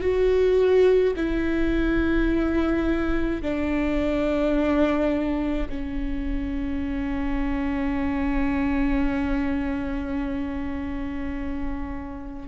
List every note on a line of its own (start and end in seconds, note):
0.00 1.13 F#4
1.16 3.42 E4
3.42 5.68 D4
5.69 12.48 C#4